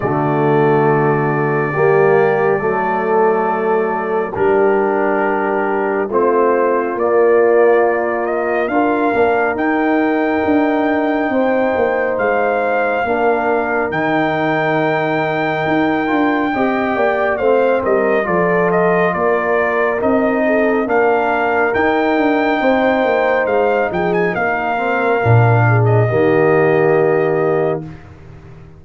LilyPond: <<
  \new Staff \with { instrumentName = "trumpet" } { \time 4/4 \tempo 4 = 69 d''1~ | d''4 ais'2 c''4 | d''4. dis''8 f''4 g''4~ | g''2 f''2 |
g''1 | f''8 dis''8 d''8 dis''8 d''4 dis''4 | f''4 g''2 f''8 g''16 gis''16 | f''4.~ f''16 dis''2~ dis''16 | }
  \new Staff \with { instrumentName = "horn" } { \time 4/4 fis'2 g'4 a'4~ | a'4 g'2 f'4~ | f'2 ais'2~ | ais'4 c''2 ais'4~ |
ais'2. dis''8 d''8 | c''8 ais'8 a'4 ais'4. a'8 | ais'2 c''4. gis'8 | ais'4. gis'8 g'2 | }
  \new Staff \with { instrumentName = "trombone" } { \time 4/4 a2 ais4 a4~ | a4 d'2 c'4 | ais2 f'8 d'8 dis'4~ | dis'2. d'4 |
dis'2~ dis'8 f'8 g'4 | c'4 f'2 dis'4 | d'4 dis'2.~ | dis'8 c'8 d'4 ais2 | }
  \new Staff \with { instrumentName = "tuba" } { \time 4/4 d2 g4 fis4~ | fis4 g2 a4 | ais2 d'8 ais8 dis'4 | d'4 c'8 ais8 gis4 ais4 |
dis2 dis'8 d'8 c'8 ais8 | a8 g8 f4 ais4 c'4 | ais4 dis'8 d'8 c'8 ais8 gis8 f8 | ais4 ais,4 dis2 | }
>>